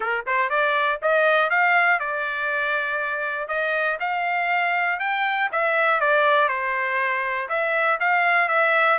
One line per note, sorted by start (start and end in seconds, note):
0.00 0.25 A#4
0.26 0.49 C5
0.49 0.99 D5
1.02 1.50 D#5
1.50 1.99 F5
1.99 3.48 D5
3.48 3.98 D#5
4.00 4.99 F5
4.99 5.49 G5
5.51 6.00 E5
6.00 6.48 D5
6.48 7.48 C5
7.48 7.98 E5
8.00 8.48 F5
8.48 8.98 E5